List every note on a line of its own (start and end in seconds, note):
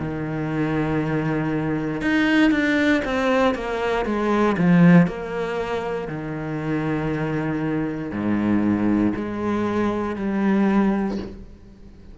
0.00 2.02 D#3
2.02 2.51 D#4
2.51 3.02 D4
3.05 3.55 C4
3.55 4.06 A#3
4.06 4.57 G#3
4.58 5.08 F3
5.08 6.08 A#3
6.08 8.12 D#3
8.12 9.14 G#2
9.16 10.16 G#3
10.16 11.18 G3